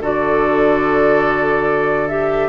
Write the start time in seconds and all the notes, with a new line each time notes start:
0.00 D3 F#4 A4 D5
2.09 G4 E5